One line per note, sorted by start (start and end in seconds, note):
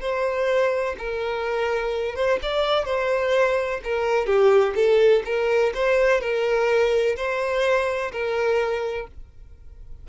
0.00 0.95 C5
0.98 2.15 A#4
2.15 2.39 C5
2.42 2.85 D5
2.85 3.80 C5
3.84 4.26 A#4
4.26 4.74 G4
4.75 5.22 A4
5.25 5.72 A#4
5.74 6.20 C5
6.20 7.16 A#4
7.16 8.11 C5
8.11 9.07 A#4